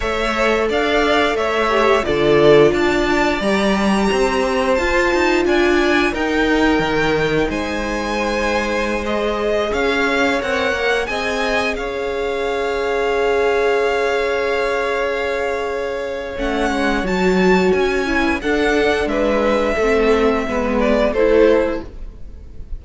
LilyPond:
<<
  \new Staff \with { instrumentName = "violin" } { \time 4/4 \tempo 4 = 88 e''4 f''4 e''4 d''4 | a''4 ais''2 a''4 | gis''4 g''2 gis''4~ | gis''4~ gis''16 dis''4 f''4 fis''8.~ |
fis''16 gis''4 f''2~ f''8.~ | f''1 | fis''4 a''4 gis''4 fis''4 | e''2~ e''8 d''8 c''4 | }
  \new Staff \with { instrumentName = "violin" } { \time 4/4 cis''4 d''4 cis''4 a'4 | d''2 c''2 | d''4 ais'2 c''4~ | c''2~ c''16 cis''4.~ cis''16~ |
cis''16 dis''4 cis''2~ cis''8.~ | cis''1~ | cis''2~ cis''8. b'16 a'4 | b'4 a'4 b'4 a'4 | }
  \new Staff \with { instrumentName = "viola" } { \time 4/4 a'2~ a'8 g'8 f'4~ | f'4 g'2 f'4~ | f'4 dis'2.~ | dis'4~ dis'16 gis'2 ais'8.~ |
ais'16 gis'2.~ gis'8.~ | gis'1 | cis'4 fis'4. e'8 d'4~ | d'4 c'4 b4 e'4 | }
  \new Staff \with { instrumentName = "cello" } { \time 4/4 a4 d'4 a4 d4 | d'4 g4 c'4 f'8 dis'8 | d'4 dis'4 dis4 gis4~ | gis2~ gis16 cis'4 c'8 ais16~ |
ais16 c'4 cis'2~ cis'8.~ | cis'1 | a8 gis8 fis4 cis'4 d'4 | gis4 a4 gis4 a4 | }
>>